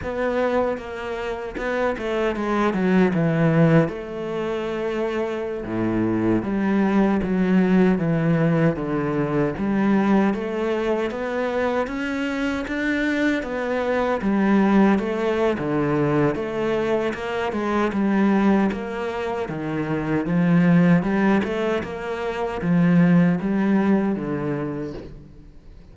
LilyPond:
\new Staff \with { instrumentName = "cello" } { \time 4/4 \tempo 4 = 77 b4 ais4 b8 a8 gis8 fis8 | e4 a2~ a16 a,8.~ | a,16 g4 fis4 e4 d8.~ | d16 g4 a4 b4 cis'8.~ |
cis'16 d'4 b4 g4 a8. | d4 a4 ais8 gis8 g4 | ais4 dis4 f4 g8 a8 | ais4 f4 g4 d4 | }